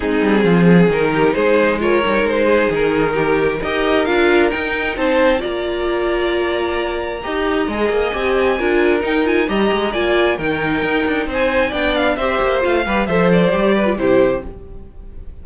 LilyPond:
<<
  \new Staff \with { instrumentName = "violin" } { \time 4/4 \tempo 4 = 133 gis'2 ais'4 c''4 | cis''4 c''4 ais'2 | dis''4 f''4 g''4 a''4 | ais''1~ |
ais''2 gis''2 | g''8 gis''8 ais''4 gis''4 g''4~ | g''4 gis''4 g''8 f''8 e''4 | f''4 e''8 d''4. c''4 | }
  \new Staff \with { instrumentName = "violin" } { \time 4/4 dis'4 f'8 gis'4 g'8 gis'4 | ais'4. gis'4. g'4 | ais'2. c''4 | d''1 |
dis''2. ais'4~ | ais'4 dis''4 d''4 ais'4~ | ais'4 c''4 d''4 c''4~ | c''8 b'8 c''4. b'8 g'4 | }
  \new Staff \with { instrumentName = "viola" } { \time 4/4 c'2 dis'2 | f'8 dis'2.~ dis'8 | g'4 f'4 dis'2 | f'1 |
g'4 gis'4 g'4 f'4 | dis'8 f'8 g'4 f'4 dis'4~ | dis'2 d'4 g'4 | f'8 g'8 a'4 g'8. f'16 e'4 | }
  \new Staff \with { instrumentName = "cello" } { \time 4/4 gis8 g8 f4 dis4 gis4~ | gis8 g8 gis4 dis2 | dis'4 d'4 dis'4 c'4 | ais1 |
dis'4 gis8 ais8 c'4 d'4 | dis'4 g8 gis8 ais4 dis4 | dis'8 d'8 c'4 b4 c'8 ais8 | a8 g8 f4 g4 c4 | }
>>